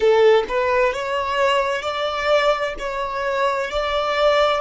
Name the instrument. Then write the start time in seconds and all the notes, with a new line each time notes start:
violin
0.00 A4
0.48 B4
0.93 C#5
1.82 D5
2.78 C#5
3.70 D5